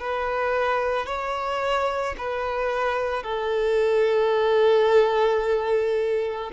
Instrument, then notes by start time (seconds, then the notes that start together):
violin
0.00 B4
1.06 C#5
2.18 B4
3.23 A4